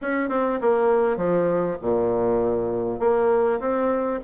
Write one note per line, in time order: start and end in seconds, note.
0.01 0.29 C#4
0.29 0.59 C4
0.61 1.16 A#3
1.16 1.76 F3
1.81 2.99 A#2
2.99 3.59 A#3
3.59 4.19 C4